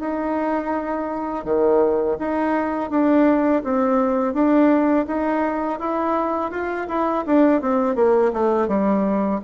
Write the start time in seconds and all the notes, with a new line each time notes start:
0.00 D#4
1.45 D#3
2.19 D#4
2.90 D4
3.64 C4
4.34 D4
5.07 D#4
5.80 E4
6.51 F4
6.88 E4
7.27 D4
7.61 C4
7.96 A#3
8.33 A3
8.68 G3